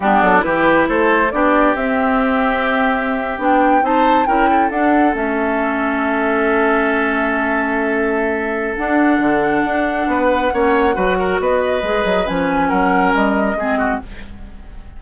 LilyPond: <<
  \new Staff \with { instrumentName = "flute" } { \time 4/4 \tempo 4 = 137 g'8 a'8 b'4 c''4 d''4 | e''2.~ e''8. g''16~ | g''8. a''4 g''4 fis''4 e''16~ | e''1~ |
e''1 | fis''1~ | fis''2 dis''2 | gis''4 fis''4 dis''2 | }
  \new Staff \with { instrumentName = "oboe" } { \time 4/4 d'4 g'4 a'4 g'4~ | g'1~ | g'8. c''4 ais'8 a'4.~ a'16~ | a'1~ |
a'1~ | a'2. b'4 | cis''4 b'8 ais'8 b'2~ | b'4 ais'2 gis'8 fis'8 | }
  \new Staff \with { instrumentName = "clarinet" } { \time 4/4 b4 e'2 d'4 | c'2.~ c'8. d'16~ | d'8. dis'4 e'4 d'4 cis'16~ | cis'1~ |
cis'1 | d'1 | cis'4 fis'2 gis'4 | cis'2. c'4 | }
  \new Staff \with { instrumentName = "bassoon" } { \time 4/4 g8 fis8 e4 a4 b4 | c'2.~ c'8. b16~ | b8. c'4 cis'4 d'4 a16~ | a1~ |
a1 | d'4 d4 d'4 b4 | ais4 fis4 b4 gis8 fis8 | f4 fis4 g4 gis4 | }
>>